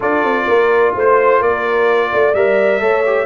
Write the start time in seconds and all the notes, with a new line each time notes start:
0.00 D4 F4 A4 D5
0.23 C4
0.47 A#3 A#4
0.94 A3 C5
1.39 A#3 A#4 D5
2.11 A3 D5
2.34 G3 A#4 E5
2.80 A3 A4 C#5
3.06 G4